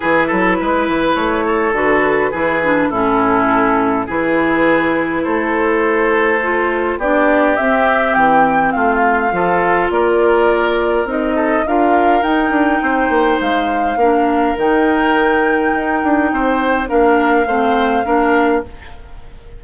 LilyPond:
<<
  \new Staff \with { instrumentName = "flute" } { \time 4/4 \tempo 4 = 103 b'2 cis''4 b'4~ | b'4 a'2 b'4~ | b'4 c''2. | d''4 e''4 g''4 f''4~ |
f''4 d''2 dis''4 | f''4 g''2 f''4~ | f''4 g''2.~ | g''4 f''2. | }
  \new Staff \with { instrumentName = "oboe" } { \time 4/4 gis'8 a'8 b'4. a'4. | gis'4 e'2 gis'4~ | gis'4 a'2. | g'2. f'4 |
a'4 ais'2~ ais'8 a'8 | ais'2 c''2 | ais'1 | c''4 ais'4 c''4 ais'4 | }
  \new Staff \with { instrumentName = "clarinet" } { \time 4/4 e'2. fis'4 | e'8 d'8 cis'2 e'4~ | e'2. f'4 | d'4 c'2. |
f'2. dis'4 | f'4 dis'2. | d'4 dis'2.~ | dis'4 d'4 c'4 d'4 | }
  \new Staff \with { instrumentName = "bassoon" } { \time 4/4 e8 fis8 gis8 e8 a4 d4 | e4 a,2 e4~ | e4 a2. | b4 c'4 e4 a4 |
f4 ais2 c'4 | d'4 dis'8 d'8 c'8 ais8 gis4 | ais4 dis2 dis'8 d'8 | c'4 ais4 a4 ais4 | }
>>